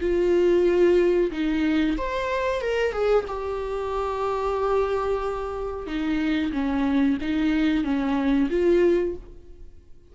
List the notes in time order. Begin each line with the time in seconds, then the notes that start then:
0.00 F4
1.31 D#4
1.97 C5
2.61 A#4
2.92 G#4
3.27 G4
5.87 D#4
6.52 C#4
7.21 D#4
7.84 C#4
8.50 F4